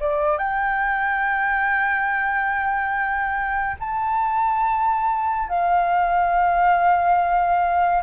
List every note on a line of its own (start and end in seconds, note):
0.00 0.38 D5
0.38 3.76 G5
3.80 5.49 A5
5.49 8.02 F5